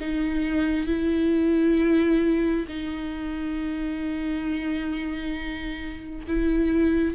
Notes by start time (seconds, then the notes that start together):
0.00 D#4
0.87 E4
2.68 D#4
6.27 E4